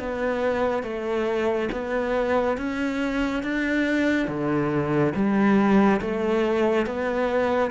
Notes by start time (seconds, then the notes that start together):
0.00 B3
0.84 A3
1.72 B3
2.58 C#4
3.44 D4
4.28 D3
5.15 G3
6.02 A3
6.86 B3